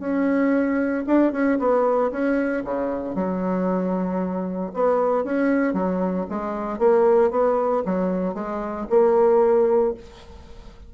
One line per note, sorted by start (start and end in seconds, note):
0.00 1.04 C#4
1.07 1.33 D4
1.33 1.59 C#4
1.59 2.12 B3
2.12 2.64 C#4
2.65 3.15 C#3
3.15 4.72 F#3
4.74 5.25 B3
5.25 5.74 C#4
5.74 6.26 F#3
6.30 6.79 G#3
6.79 7.31 A#3
7.31 7.83 B3
7.86 8.35 F#3
8.35 8.87 G#3
8.90 9.95 A#3